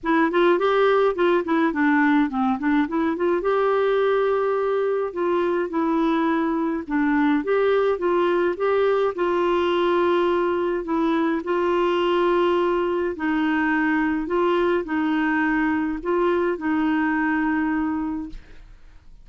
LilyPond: \new Staff \with { instrumentName = "clarinet" } { \time 4/4 \tempo 4 = 105 e'8 f'8 g'4 f'8 e'8 d'4 | c'8 d'8 e'8 f'8 g'2~ | g'4 f'4 e'2 | d'4 g'4 f'4 g'4 |
f'2. e'4 | f'2. dis'4~ | dis'4 f'4 dis'2 | f'4 dis'2. | }